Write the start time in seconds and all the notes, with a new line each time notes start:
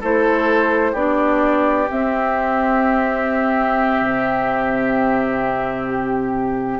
0.00 A3 E4 A4 C5
0.92 B3 D4 G4 D5
1.88 C4 E5
4.00 C3
5.87 G4